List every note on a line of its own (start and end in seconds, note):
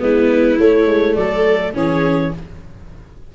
0.00 0.60 G#3
0.00 0.58 B3
0.00 1.17 E4
0.00 0.59 B4
0.60 0.87 A3
0.60 1.74 A3
0.60 1.15 C#5
0.87 1.16 G#3
1.15 1.75 F#3
1.15 1.75 A4
1.15 1.73 D5
1.74 2.33 E3
1.74 2.32 C#4
1.74 2.35 G#4
1.74 2.34 C#5